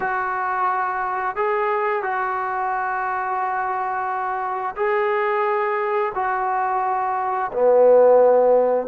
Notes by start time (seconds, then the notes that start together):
0.00 F#4
1.36 G#4
2.02 F#4
4.76 G#4
6.14 F#4
7.52 B3